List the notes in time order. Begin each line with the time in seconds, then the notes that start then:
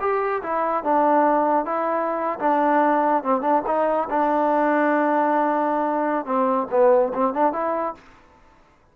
0.00 G4
0.42 E4
0.83 D4
1.65 E4
2.39 D4
3.23 C4
3.41 D4
3.66 D#4
4.09 D4
6.25 C4
6.70 B3
7.14 C4
7.34 D4
7.52 E4